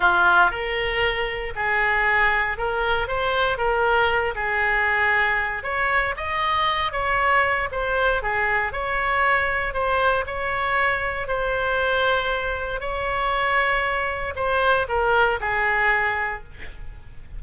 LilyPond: \new Staff \with { instrumentName = "oboe" } { \time 4/4 \tempo 4 = 117 f'4 ais'2 gis'4~ | gis'4 ais'4 c''4 ais'4~ | ais'8 gis'2~ gis'8 cis''4 | dis''4. cis''4. c''4 |
gis'4 cis''2 c''4 | cis''2 c''2~ | c''4 cis''2. | c''4 ais'4 gis'2 | }